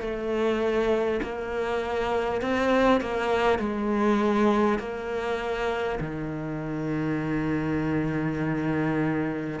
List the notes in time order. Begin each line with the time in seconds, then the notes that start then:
0.00 A3
1.22 A#3
2.41 C4
3.00 A#3
3.58 G#3
4.78 A#3
6.00 D#3